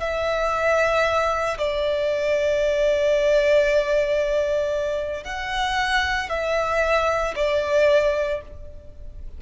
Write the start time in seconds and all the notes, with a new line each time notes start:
0.00 E5
1.58 D5
5.24 F#5
6.30 E5
7.36 D5